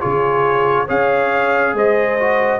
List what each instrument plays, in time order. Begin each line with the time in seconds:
0.00 tuba C#3, trombone F4, horn G#4, trumpet C#5
0.86 tuba C#4, trombone G#4, horn C#5, trumpet F5
1.74 tuba G#3, horn C5, trumpet D#5
2.20 trombone F#4